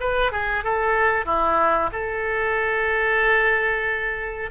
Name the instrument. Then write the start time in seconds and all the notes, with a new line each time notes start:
oboe
0.00 B4
0.32 G#4
0.64 A4
1.25 E4
1.92 A4